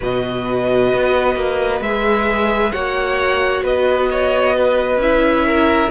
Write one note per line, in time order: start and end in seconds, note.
0.00 0.93 B2
0.00 1.83 F#4
0.00 2.71 B4
0.00 1.82 D#5
0.93 1.36 B3
1.36 1.80 A#3
1.80 2.71 G#3
1.80 2.73 G#4
1.80 2.72 E5
2.72 3.62 A#3
2.72 5.00 F#4
2.72 3.63 C#5
2.72 3.62 F#5
3.62 4.96 B3
3.62 4.08 B4
3.62 5.01 D#5
4.10 4.55 C#5
4.55 5.45 B4
4.96 5.87 C#4
4.96 5.90 E4
4.96 5.90 E5
5.45 5.90 A#4